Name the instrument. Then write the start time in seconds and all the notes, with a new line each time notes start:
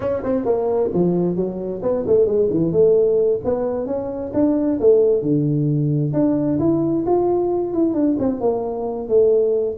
tuba
0.00 C#4
0.23 C4
0.45 A#3
0.93 F3
1.36 F#3
1.82 B3
2.07 A3
2.25 G#3
2.50 E3
2.72 A3
3.44 B3
3.86 C#4
4.33 D4
4.80 A3
5.21 D3
6.13 D4
6.59 E4
7.06 F4
7.73 E4
7.94 D4
8.19 C4
8.40 A#3
9.08 A3